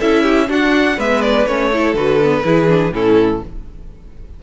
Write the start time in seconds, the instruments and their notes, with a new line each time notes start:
0.00 cello C#4, viola E4, violin A4 E5
0.23 violin G4
0.48 viola D4, cello D4, violin F#4 F#5
0.97 cello G#3, viola B3, violin B4 E5
1.22 violin D5
1.46 cello A3, viola C#4, violin C#5
1.73 viola E4, violin A4
1.95 cello D3, viola F#4, violin B4
2.24 viola B3
2.44 cello E3, viola E4, violin G#4
2.68 viola D4
2.91 cello A2, viola C#4, violin E4 A4